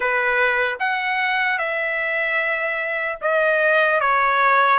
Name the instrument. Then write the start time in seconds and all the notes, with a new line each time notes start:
trumpet
0.00 B4
0.79 F#5
1.58 E5
3.21 D#5
4.00 C#5